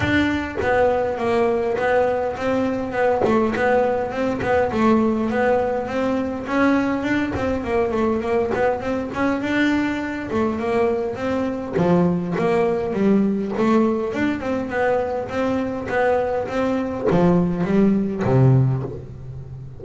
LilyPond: \new Staff \with { instrumentName = "double bass" } { \time 4/4 \tempo 4 = 102 d'4 b4 ais4 b4 | c'4 b8 a8 b4 c'8 b8 | a4 b4 c'4 cis'4 | d'8 c'8 ais8 a8 ais8 b8 c'8 cis'8 |
d'4. a8 ais4 c'4 | f4 ais4 g4 a4 | d'8 c'8 b4 c'4 b4 | c'4 f4 g4 c4 | }